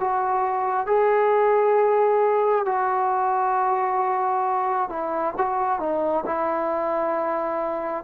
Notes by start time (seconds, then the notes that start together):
0.00 F#4
0.87 G#4
2.66 F#4
4.89 E4
5.37 F#4
5.80 D#4
6.26 E4